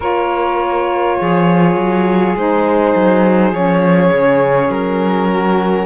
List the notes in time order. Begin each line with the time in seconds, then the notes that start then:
0.00 A#3 F4 A#4 C#5
1.18 F3 G#4
1.75 F#3
2.35 G#3 D#4 C5
2.95 F#3
3.52 F3 C#4 C#5
4.12 C#3
4.68 F#3 A#4
5.30 F#4